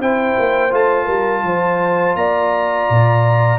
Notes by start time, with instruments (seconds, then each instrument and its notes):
0.00 tuba C4, trombone E4, horn C5, trumpet G5
0.39 tuba A#3
0.71 tuba A3, trombone F4, trumpet A5
1.06 tuba G3, horn A#4
1.44 tuba F3, horn C5
2.16 tuba A#3, horn D5, trumpet A#5
2.90 tuba A#2